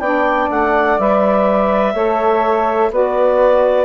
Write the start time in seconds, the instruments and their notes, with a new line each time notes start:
0.00 bassoon B3, saxophone D4, flute D5, clarinet G5
0.50 bassoon A3, clarinet F#5
0.99 bassoon G3, saxophone B4, clarinet E5
1.94 bassoon A3, saxophone A4, flute C#5
2.91 bassoon B3, saxophone F#4, flute B4, clarinet D5